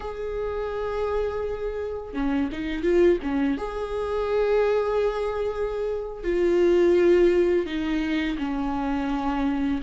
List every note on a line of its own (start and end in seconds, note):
0.00 2.13 G#4
2.13 2.49 C#4
2.52 2.82 D#4
2.82 3.18 F4
3.22 3.57 C#4
3.57 6.23 G#4
6.23 7.66 F4
7.66 8.37 D#4
8.38 9.81 C#4